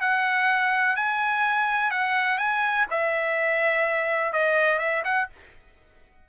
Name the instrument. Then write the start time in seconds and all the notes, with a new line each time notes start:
trumpet
0.00 F#5
0.96 G#5
1.90 F#5
2.37 G#5
2.90 E5
4.32 D#5
4.78 E5
5.04 F#5